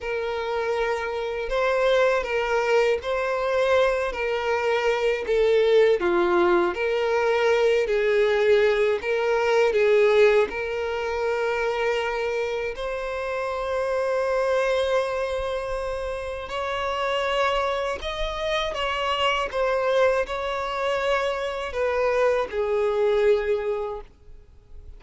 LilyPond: \new Staff \with { instrumentName = "violin" } { \time 4/4 \tempo 4 = 80 ais'2 c''4 ais'4 | c''4. ais'4. a'4 | f'4 ais'4. gis'4. | ais'4 gis'4 ais'2~ |
ais'4 c''2.~ | c''2 cis''2 | dis''4 cis''4 c''4 cis''4~ | cis''4 b'4 gis'2 | }